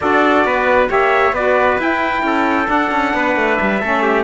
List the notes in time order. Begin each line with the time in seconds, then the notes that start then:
0.00 D4 F#4 A4 D5
0.44 B3 B4
0.88 A#3 G4 C#5 E5
1.32 B3 F#4 B4 D5
1.78 E4 G5
2.22 C#4 A4
2.65 D4 F#5
2.91 C#4
3.13 B3 B4
3.35 A3
3.55 G3 E5
3.80 A3 C#4 A4
4.03 G4